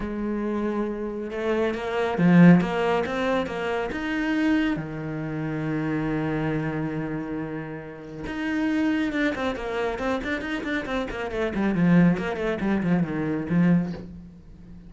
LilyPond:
\new Staff \with { instrumentName = "cello" } { \time 4/4 \tempo 4 = 138 gis2. a4 | ais4 f4 ais4 c'4 | ais4 dis'2 dis4~ | dis1~ |
dis2. dis'4~ | dis'4 d'8 c'8 ais4 c'8 d'8 | dis'8 d'8 c'8 ais8 a8 g8 f4 | ais8 a8 g8 f8 dis4 f4 | }